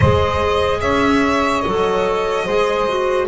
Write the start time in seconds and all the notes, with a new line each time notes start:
0.00 G#3 G#4 C5 D#5
0.80 C#4 C#5 E5
1.61 F#3 A4 D#5
2.45 G#3 G#4 C5
2.88 F#4